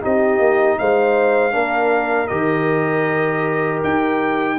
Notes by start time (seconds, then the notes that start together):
0.00 C4 D#4 G4 D#5
0.39 A#3
0.78 G#3 C5 F5
1.50 A#3 D4 A#4
2.27 D#3 G4 D#5
3.83 D#4 G5